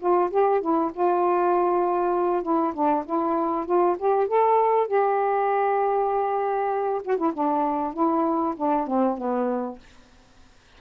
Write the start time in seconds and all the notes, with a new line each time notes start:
0.00 F4
0.31 G4
0.62 E4
0.94 F4
2.43 E4
2.74 D4
3.06 E4
3.67 F4
3.99 G4
4.28 A4
4.88 G4
7.05 F#4
7.18 E4
7.34 D4
7.94 E4
8.57 D4
8.87 C4
9.18 B3